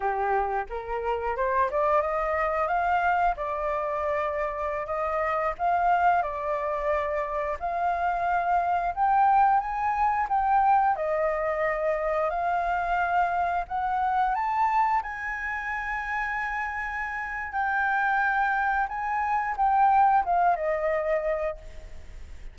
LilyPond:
\new Staff \with { instrumentName = "flute" } { \time 4/4 \tempo 4 = 89 g'4 ais'4 c''8 d''8 dis''4 | f''4 d''2~ d''16 dis''8.~ | dis''16 f''4 d''2 f''8.~ | f''4~ f''16 g''4 gis''4 g''8.~ |
g''16 dis''2 f''4.~ f''16~ | f''16 fis''4 a''4 gis''4.~ gis''16~ | gis''2 g''2 | gis''4 g''4 f''8 dis''4. | }